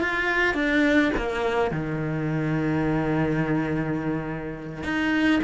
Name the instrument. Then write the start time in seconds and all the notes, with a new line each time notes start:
cello
0.00 F4
0.54 D4
1.16 A#3
1.71 D#3
4.83 D#4